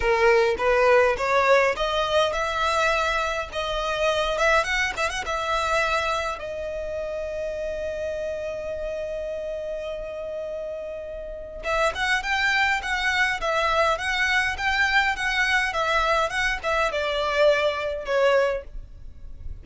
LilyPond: \new Staff \with { instrumentName = "violin" } { \time 4/4 \tempo 4 = 103 ais'4 b'4 cis''4 dis''4 | e''2 dis''4. e''8 | fis''8 e''16 fis''16 e''2 dis''4~ | dis''1~ |
dis''1 | e''8 fis''8 g''4 fis''4 e''4 | fis''4 g''4 fis''4 e''4 | fis''8 e''8 d''2 cis''4 | }